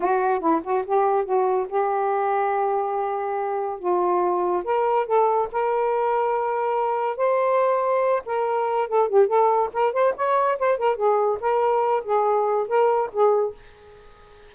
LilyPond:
\new Staff \with { instrumentName = "saxophone" } { \time 4/4 \tempo 4 = 142 fis'4 e'8 fis'8 g'4 fis'4 | g'1~ | g'4 f'2 ais'4 | a'4 ais'2.~ |
ais'4 c''2~ c''8 ais'8~ | ais'4 a'8 g'8 a'4 ais'8 c''8 | cis''4 c''8 ais'8 gis'4 ais'4~ | ais'8 gis'4. ais'4 gis'4 | }